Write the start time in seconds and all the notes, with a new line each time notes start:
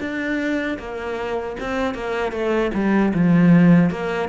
0.00 D4
0.79 A#3
1.60 C4
1.94 A#3
2.32 A3
2.74 G3
3.14 F3
3.90 A#3